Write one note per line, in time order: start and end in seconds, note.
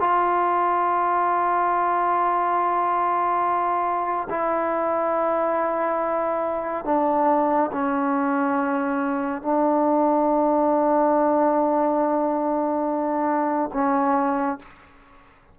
0.00 4.29 F4
4.30 6.85 E4
6.85 7.71 D4
7.73 9.42 C#4
9.42 13.71 D4
13.73 14.59 C#4